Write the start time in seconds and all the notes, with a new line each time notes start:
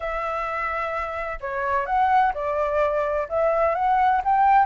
0.00 E5
1.40 C#5
1.86 F#5
2.34 D5
3.28 E5
3.74 F#5
4.24 G5